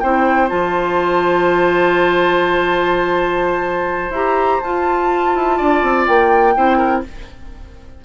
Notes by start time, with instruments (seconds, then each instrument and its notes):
0.00 bassoon C4, clarinet E4, oboe C5, flute G5
0.48 bassoon F3, clarinet F4, flute A5
4.10 bassoon E4, clarinet G4, flute A#5
4.60 bassoon F4, clarinet F4, flute A5
5.35 bassoon E4
5.57 bassoon D4, oboe D5
5.83 bassoon C4
6.07 bassoon A#3, flute G5
6.55 bassoon C4, clarinet E4, oboe C5
6.77 oboe A#4